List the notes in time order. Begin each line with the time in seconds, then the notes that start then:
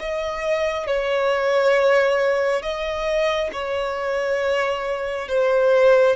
0.00 D#5
0.87 C#5
2.62 D#5
3.53 C#5
5.29 C5